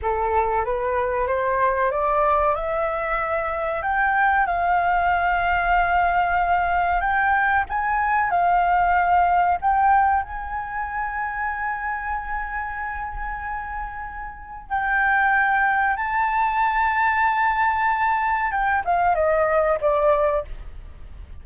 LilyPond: \new Staff \with { instrumentName = "flute" } { \time 4/4 \tempo 4 = 94 a'4 b'4 c''4 d''4 | e''2 g''4 f''4~ | f''2. g''4 | gis''4 f''2 g''4 |
gis''1~ | gis''2. g''4~ | g''4 a''2.~ | a''4 g''8 f''8 dis''4 d''4 | }